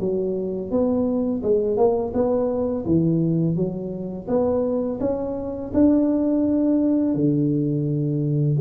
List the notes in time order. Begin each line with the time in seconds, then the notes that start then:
0.00 F#3
0.71 B3
1.43 G#3
1.77 A#3
2.14 B3
2.86 E3
3.56 F#3
4.28 B3
5.01 C#4
5.74 D4
7.15 D3